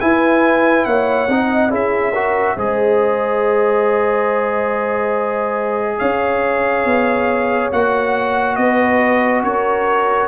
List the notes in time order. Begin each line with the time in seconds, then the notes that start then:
0.00 E4 B4 G#5
0.85 A#3 C#5 F#5
1.28 C4 D#4 D#5
1.70 C#4 E4 G#4 E5
2.12 F#4 A#4
2.56 G#3 G#4 C5 D#5
5.99 C#4 C#5 F5
6.85 B3
7.72 A#3 F#4 F#5
8.56 B3 B4 D#5
9.42 C#4 A#4 C#5